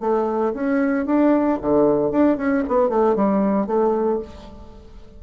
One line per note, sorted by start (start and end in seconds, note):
0.00 0.53 A3
0.54 1.06 C#4
1.06 1.58 D4
1.61 2.11 D3
2.11 2.37 D4
2.37 2.63 C#4
2.67 2.89 B3
2.89 3.15 A3
3.16 3.67 G3
3.67 4.19 A3